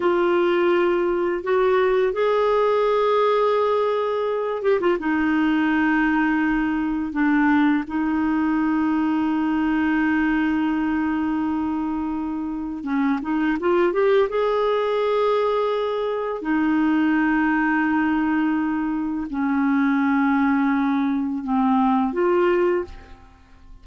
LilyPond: \new Staff \with { instrumentName = "clarinet" } { \time 4/4 \tempo 4 = 84 f'2 fis'4 gis'4~ | gis'2~ gis'8 g'16 f'16 dis'4~ | dis'2 d'4 dis'4~ | dis'1~ |
dis'2 cis'8 dis'8 f'8 g'8 | gis'2. dis'4~ | dis'2. cis'4~ | cis'2 c'4 f'4 | }